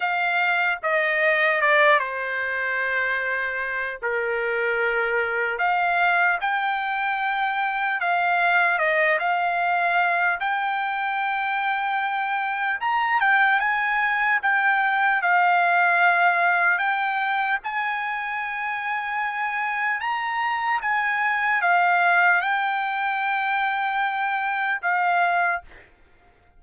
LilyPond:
\new Staff \with { instrumentName = "trumpet" } { \time 4/4 \tempo 4 = 75 f''4 dis''4 d''8 c''4.~ | c''4 ais'2 f''4 | g''2 f''4 dis''8 f''8~ | f''4 g''2. |
ais''8 g''8 gis''4 g''4 f''4~ | f''4 g''4 gis''2~ | gis''4 ais''4 gis''4 f''4 | g''2. f''4 | }